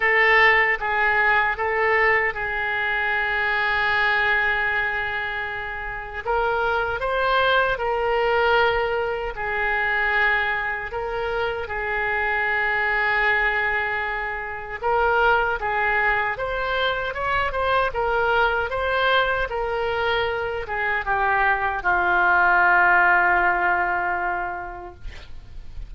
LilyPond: \new Staff \with { instrumentName = "oboe" } { \time 4/4 \tempo 4 = 77 a'4 gis'4 a'4 gis'4~ | gis'1 | ais'4 c''4 ais'2 | gis'2 ais'4 gis'4~ |
gis'2. ais'4 | gis'4 c''4 cis''8 c''8 ais'4 | c''4 ais'4. gis'8 g'4 | f'1 | }